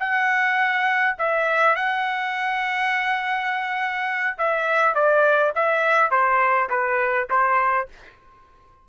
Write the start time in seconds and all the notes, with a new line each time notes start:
0.00 F#5
1.19 E5
1.76 F#5
4.38 E5
4.95 D5
5.56 E5
6.11 C5
6.70 B4
7.31 C5